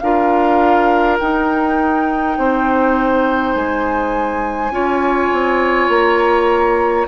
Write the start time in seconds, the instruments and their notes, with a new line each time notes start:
0.00 bassoon D4, clarinet F4, oboe A#4, flute F5
1.19 clarinet D#4, bassoon D#4, flute G5
2.38 bassoon C4, oboe C5
3.54 bassoon G#3, flute G#5
4.71 bassoon C#4, clarinet F4, oboe C#5
5.33 bassoon C4
5.89 bassoon A#3, flute A#5